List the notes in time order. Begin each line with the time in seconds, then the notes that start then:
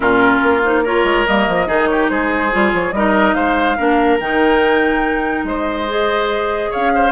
0.00 A#2 C#4 F4 A#4
0.42 A#3
0.63 D#4 C5
0.83 F4 A#4 C#5
1.03 G#3
1.26 G3 A#3 D#5
1.48 F3
1.66 D#3 D#4 G#4
1.86 G4 C#5
2.08 G#3 G#4 C5
2.51 G3 F4
2.73 F3 C#5
2.92 G3 D#4 A#4 D#5
3.34 G#3 C5 F5
3.77 A#3 D4 A#4
4.19 D#3 D#4 G5
5.43 G#3 C5 D#5
5.88 G#4
6.70 C#4 C#5 F5
6.94 C5